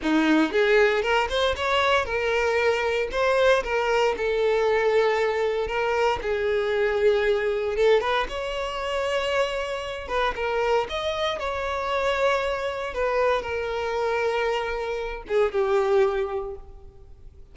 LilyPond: \new Staff \with { instrumentName = "violin" } { \time 4/4 \tempo 4 = 116 dis'4 gis'4 ais'8 c''8 cis''4 | ais'2 c''4 ais'4 | a'2. ais'4 | gis'2. a'8 b'8 |
cis''2.~ cis''8 b'8 | ais'4 dis''4 cis''2~ | cis''4 b'4 ais'2~ | ais'4. gis'8 g'2 | }